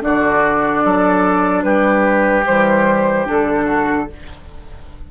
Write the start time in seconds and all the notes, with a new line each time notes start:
0.00 D3 D4 F#4 D5
0.84 F#3 A4
1.63 G3 G4 B4
2.45 E3 G3 C5
3.26 D3 D4 A4
3.66 F#4